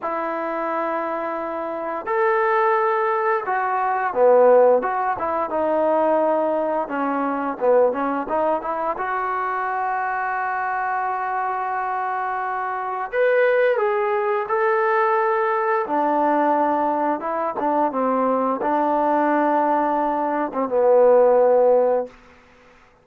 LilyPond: \new Staff \with { instrumentName = "trombone" } { \time 4/4 \tempo 4 = 87 e'2. a'4~ | a'4 fis'4 b4 fis'8 e'8 | dis'2 cis'4 b8 cis'8 | dis'8 e'8 fis'2.~ |
fis'2. b'4 | gis'4 a'2 d'4~ | d'4 e'8 d'8 c'4 d'4~ | d'4.~ d'16 c'16 b2 | }